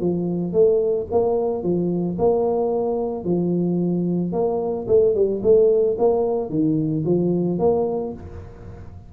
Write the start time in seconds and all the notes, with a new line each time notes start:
0.00 F3
0.52 A3
1.11 A#3
1.63 F3
2.18 A#3
3.24 F3
4.32 A#3
4.87 A3
5.14 G3
5.43 A3
5.98 A#3
6.49 D#3
7.05 F3
7.59 A#3